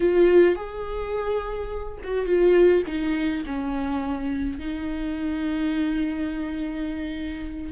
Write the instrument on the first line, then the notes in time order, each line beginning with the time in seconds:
viola
0.00 F4
0.55 G#4
2.03 F#4
2.25 F4
2.86 D#4
3.46 C#4
4.58 D#4